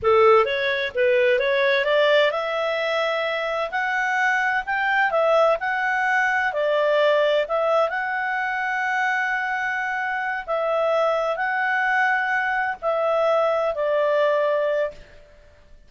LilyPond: \new Staff \with { instrumentName = "clarinet" } { \time 4/4 \tempo 4 = 129 a'4 cis''4 b'4 cis''4 | d''4 e''2. | fis''2 g''4 e''4 | fis''2 d''2 |
e''4 fis''2.~ | fis''2~ fis''8 e''4.~ | e''8 fis''2. e''8~ | e''4. d''2~ d''8 | }